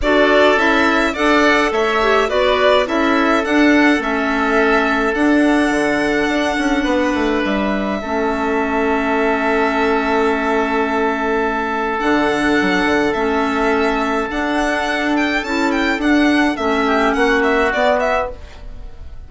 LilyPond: <<
  \new Staff \with { instrumentName = "violin" } { \time 4/4 \tempo 4 = 105 d''4 e''4 fis''4 e''4 | d''4 e''4 fis''4 e''4~ | e''4 fis''2.~ | fis''4 e''2.~ |
e''1~ | e''4 fis''2 e''4~ | e''4 fis''4. g''8 a''8 g''8 | fis''4 e''4 fis''8 e''8 d''8 e''8 | }
  \new Staff \with { instrumentName = "oboe" } { \time 4/4 a'2 d''4 cis''4 | b'4 a'2.~ | a'1 | b'2 a'2~ |
a'1~ | a'1~ | a'1~ | a'4. g'8 fis'2 | }
  \new Staff \with { instrumentName = "clarinet" } { \time 4/4 fis'4 e'4 a'4. g'8 | fis'4 e'4 d'4 cis'4~ | cis'4 d'2.~ | d'2 cis'2~ |
cis'1~ | cis'4 d'2 cis'4~ | cis'4 d'2 e'4 | d'4 cis'2 b4 | }
  \new Staff \with { instrumentName = "bassoon" } { \time 4/4 d'4 cis'4 d'4 a4 | b4 cis'4 d'4 a4~ | a4 d'4 d4 d'8 cis'8 | b8 a8 g4 a2~ |
a1~ | a4 d4 fis8 d8 a4~ | a4 d'2 cis'4 | d'4 a4 ais4 b4 | }
>>